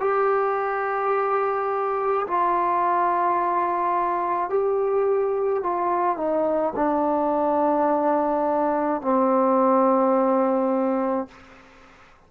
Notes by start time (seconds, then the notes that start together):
0.00 G4
2.27 F4
4.50 G4
5.63 F4
6.17 D#4
6.76 D4
9.02 C4